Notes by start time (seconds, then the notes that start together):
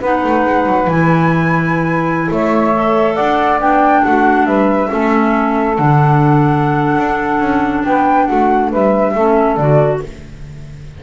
0.00 B3 D#4 B4 F#5
0.23 A3
0.45 G#3
0.66 F#3
0.87 E3 E4 G#5
2.31 A3 C#5 E5
2.73 A4
3.14 D4 D5 F#5
3.60 B3 D4 G5
4.04 A3 F#4 F#5
4.45 G3 B4 E5
4.89 A3 C#4 A4
5.77 D3 D4 F#5
6.96 D4
7.39 C#4
7.83 B3 B4 G5
8.26 A3 F#4 F#5
8.70 G3 B4 E5
9.14 A3 C#4 A4
9.56 D3 F#4 D5